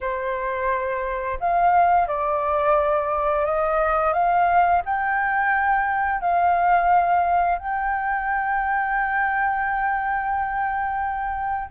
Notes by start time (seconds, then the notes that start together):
0.01 C5
1.39 F5
2.07 D5
3.45 D#5
4.13 F5
4.85 G5
6.20 F5
7.58 G5